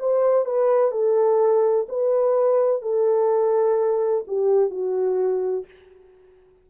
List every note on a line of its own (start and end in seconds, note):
0.00 0.45 C5
0.45 0.91 B4
0.91 1.87 A4
1.89 2.82 B4
2.82 4.25 A4
4.28 4.70 G4
4.70 5.65 F#4